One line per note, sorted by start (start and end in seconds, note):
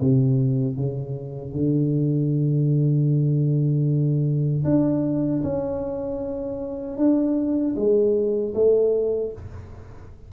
0.00 0.76 C3
0.76 1.52 C#3
1.52 4.64 D3
4.64 5.42 D4
5.43 6.97 C#4
6.97 7.75 D4
7.75 8.53 G#3
8.54 9.32 A3